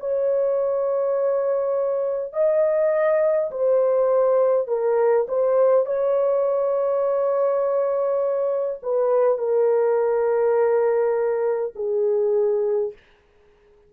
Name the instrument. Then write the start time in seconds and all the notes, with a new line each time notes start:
horn
0.00 C#5
2.34 D#5
3.51 C5
4.68 A#4
5.29 C5
5.86 C#5
8.83 B4
9.39 A#4
11.76 G#4